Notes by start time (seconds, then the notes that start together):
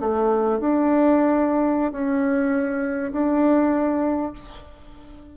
0.00 A3
0.59 D4
1.92 C#4
3.13 D4